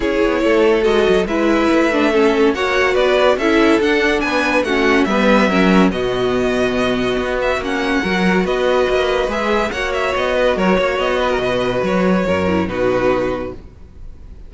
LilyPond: <<
  \new Staff \with { instrumentName = "violin" } { \time 4/4 \tempo 4 = 142 cis''2 dis''4 e''4~ | e''2 fis''4 d''4 | e''4 fis''4 gis''4 fis''4 | e''2 dis''2~ |
dis''4. e''8 fis''2 | dis''2 e''4 fis''8 e''8 | dis''4 cis''4 dis''2 | cis''2 b'2 | }
  \new Staff \with { instrumentName = "violin" } { \time 4/4 gis'4 a'2 b'4~ | b'4 a'4 cis''4 b'4 | a'2 b'4 fis'4 | b'4 ais'4 fis'2~ |
fis'2. ais'4 | b'2. cis''4~ | cis''8 b'8 ais'8 cis''4 b'16 ais'16 b'4~ | b'4 ais'4 fis'2 | }
  \new Staff \with { instrumentName = "viola" } { \time 4/4 e'2 fis'4 e'4~ | e'8 d'8 cis'4 fis'2 | e'4 d'2 cis'4 | b4 cis'4 b2~ |
b2 cis'4 fis'4~ | fis'2 gis'4 fis'4~ | fis'1~ | fis'4. e'8 dis'2 | }
  \new Staff \with { instrumentName = "cello" } { \time 4/4 cis'8 b8 a4 gis8 fis8 gis4 | a2 ais4 b4 | cis'4 d'4 b4 a4 | g4 fis4 b,2~ |
b,4 b4 ais4 fis4 | b4 ais4 gis4 ais4 | b4 fis8 ais8 b4 b,4 | fis4 fis,4 b,2 | }
>>